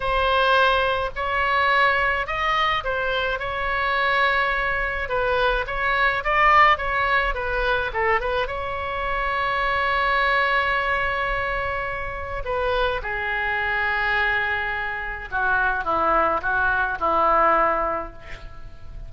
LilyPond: \new Staff \with { instrumentName = "oboe" } { \time 4/4 \tempo 4 = 106 c''2 cis''2 | dis''4 c''4 cis''2~ | cis''4 b'4 cis''4 d''4 | cis''4 b'4 a'8 b'8 cis''4~ |
cis''1~ | cis''2 b'4 gis'4~ | gis'2. fis'4 | e'4 fis'4 e'2 | }